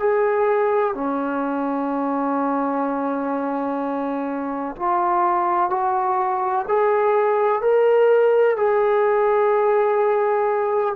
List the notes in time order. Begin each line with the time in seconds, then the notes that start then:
0.00 G#4
0.95 C#4
4.76 F4
5.71 F#4
6.68 G#4
7.62 A#4
8.57 G#4